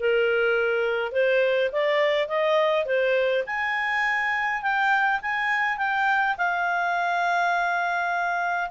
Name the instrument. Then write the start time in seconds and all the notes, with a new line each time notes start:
clarinet
0.00 A#4
1.13 C5
1.72 D5
2.28 D#5
2.86 C5
3.47 G#5
4.63 G5
5.22 G#5
5.78 G5
6.38 F5